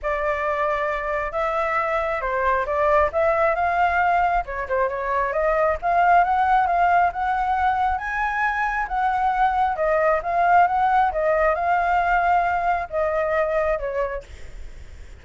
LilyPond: \new Staff \with { instrumentName = "flute" } { \time 4/4 \tempo 4 = 135 d''2. e''4~ | e''4 c''4 d''4 e''4 | f''2 cis''8 c''8 cis''4 | dis''4 f''4 fis''4 f''4 |
fis''2 gis''2 | fis''2 dis''4 f''4 | fis''4 dis''4 f''2~ | f''4 dis''2 cis''4 | }